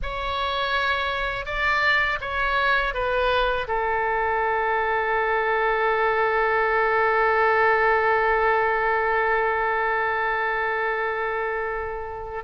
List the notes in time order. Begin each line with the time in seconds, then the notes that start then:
0.02 C#5
1.45 D5
2.21 C#5
2.94 B4
3.67 A4